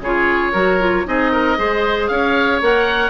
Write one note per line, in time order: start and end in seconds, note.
0.00 0.52 C#3
0.00 0.54 F4
0.00 0.52 G#4
0.00 1.07 C#5
0.52 1.06 F#3
0.52 0.80 F#4
0.52 1.04 A#4
0.80 1.06 F4
1.06 1.58 C4
1.06 1.57 D#4
1.06 1.32 G#4
1.06 2.07 D#5
1.32 1.58 A#4
1.57 2.09 G#3
1.57 2.62 G#4
1.57 2.10 C5
2.07 2.61 C#4
2.07 3.10 C#5
2.07 2.59 F5
2.61 3.10 A#3
2.61 3.10 A#4
2.61 3.10 F#5